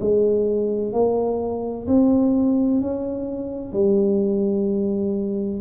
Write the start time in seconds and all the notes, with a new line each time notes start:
0.00 G#3
0.92 A#3
1.87 C4
2.81 C#4
3.72 G3